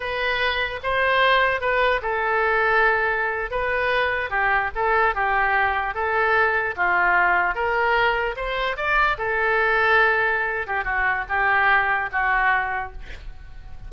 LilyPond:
\new Staff \with { instrumentName = "oboe" } { \time 4/4 \tempo 4 = 149 b'2 c''2 | b'4 a'2.~ | a'8. b'2 g'4 a'16~ | a'8. g'2 a'4~ a'16~ |
a'8. f'2 ais'4~ ais'16~ | ais'8. c''4 d''4 a'4~ a'16~ | a'2~ a'8 g'8 fis'4 | g'2 fis'2 | }